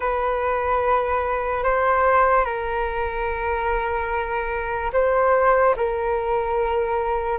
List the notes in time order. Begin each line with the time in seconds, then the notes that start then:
0.00 B4
1.63 C5
2.44 A#4
4.92 C5
5.76 A#4